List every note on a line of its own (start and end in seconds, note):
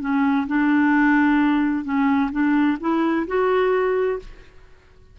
0.00 0.46 C#4
0.47 1.84 D4
1.84 2.30 C#4
2.31 2.77 D4
2.80 3.26 E4
3.27 4.19 F#4